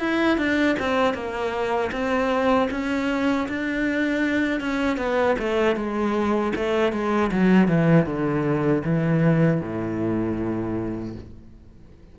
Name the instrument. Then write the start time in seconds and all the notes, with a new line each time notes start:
cello
0.00 E4
0.38 D4
0.80 C4
1.14 A#3
1.92 C4
2.71 C#4
3.49 D4
4.60 C#4
4.98 B3
5.39 A3
5.76 G#3
6.56 A3
6.92 G#3
7.32 F#3
7.68 E3
8.06 D3
8.85 E3
9.62 A2